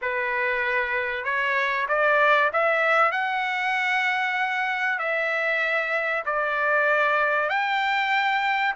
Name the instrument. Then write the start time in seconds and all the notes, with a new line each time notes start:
trumpet
0.01 B4
1.24 C#5
1.88 D5
2.53 E5
3.11 F#5
4.98 E5
6.25 D5
7.49 G5